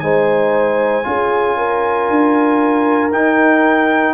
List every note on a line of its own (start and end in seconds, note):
0.00 1.05 G#3
0.00 1.04 D#4
0.00 1.06 C5
0.00 3.10 G#5
1.04 2.09 C#4
1.04 3.11 F4
1.04 1.57 G#4
1.57 4.13 A#4
2.09 3.12 D4
3.12 4.13 D#4
3.12 4.13 G5